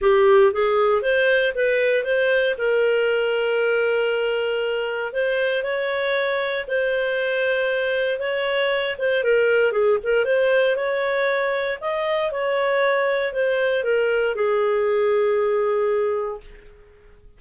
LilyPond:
\new Staff \with { instrumentName = "clarinet" } { \time 4/4 \tempo 4 = 117 g'4 gis'4 c''4 b'4 | c''4 ais'2.~ | ais'2 c''4 cis''4~ | cis''4 c''2. |
cis''4. c''8 ais'4 gis'8 ais'8 | c''4 cis''2 dis''4 | cis''2 c''4 ais'4 | gis'1 | }